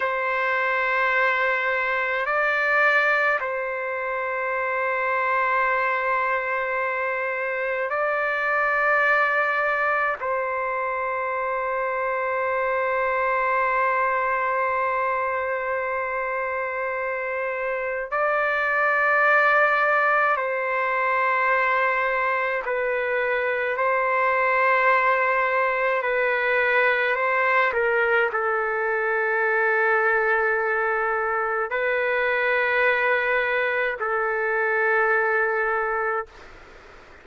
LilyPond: \new Staff \with { instrumentName = "trumpet" } { \time 4/4 \tempo 4 = 53 c''2 d''4 c''4~ | c''2. d''4~ | d''4 c''2.~ | c''1 |
d''2 c''2 | b'4 c''2 b'4 | c''8 ais'8 a'2. | b'2 a'2 | }